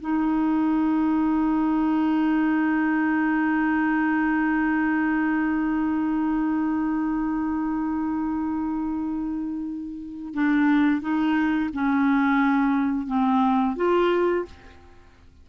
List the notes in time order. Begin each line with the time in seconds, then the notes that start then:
0.00 D#4
10.34 D4
11.01 D#4
11.73 C#4
13.07 C4
13.76 F4